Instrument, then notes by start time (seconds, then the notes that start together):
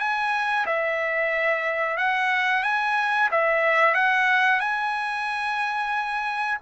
trumpet
0.00 G#5
0.67 E5
1.98 F#5
2.64 G#5
3.32 E5
3.95 F#5
4.61 G#5